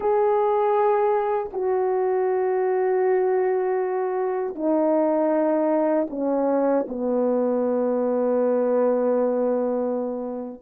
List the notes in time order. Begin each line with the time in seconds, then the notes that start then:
0.00 G#4
1.52 F#4
4.55 D#4
6.10 C#4
6.87 B3